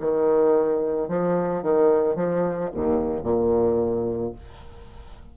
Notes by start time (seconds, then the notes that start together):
0.00 D#3
1.08 F3
1.62 D#3
2.15 F3
2.73 D#2
3.22 A#2